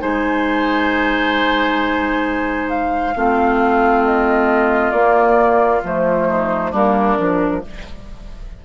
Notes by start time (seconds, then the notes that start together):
0.00 G#3 D#4 C5 G#5
2.70 F5
3.16 A3 C4 F4
4.04 D#5
4.92 A#3 D5
5.83 F3 A3 C5
6.28 D#4
6.71 G3 A#3 D4 A#4
7.17 F3 D4